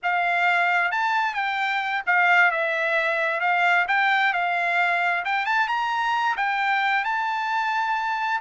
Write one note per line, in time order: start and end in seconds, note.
0.02 0.91 F5
0.91 1.34 A5
1.34 2.02 G5
2.06 2.51 F5
2.51 3.40 E5
3.40 3.85 F5
3.87 4.33 G5
4.33 5.24 F5
5.24 5.45 G5
5.45 5.67 A5
5.67 6.36 A#5
6.36 7.04 G5
7.04 8.40 A5